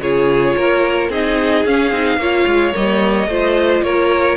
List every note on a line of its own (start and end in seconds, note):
0.00 0.55 C#3
0.00 1.11 F4
0.00 0.56 G#4
0.00 1.11 C#5
0.56 1.09 A#3
0.56 1.10 A#4
1.09 1.64 C4
1.09 1.66 D#4
1.09 2.19 G#4
1.09 1.66 D#5
1.65 1.91 C#4
1.65 1.92 C#4
1.65 2.75 F5
1.91 2.17 C4
1.91 2.19 D#4
2.17 2.44 A#3
2.17 2.73 F4
2.17 3.28 C#5
2.46 2.74 G#3
2.73 3.27 G3
2.73 3.28 A#3
2.73 3.83 D#5
3.27 3.82 A3
3.27 4.37 F4
3.27 3.83 C5
3.82 4.37 A#3
3.82 4.37 A#4
3.82 4.37 C#5